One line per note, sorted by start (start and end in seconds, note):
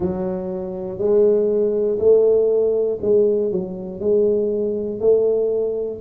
0.00 0.98 F#3
0.98 1.98 G#3
1.98 2.98 A3
3.01 3.51 G#3
3.51 4.00 F#3
4.00 5.00 G#3
5.00 6.00 A3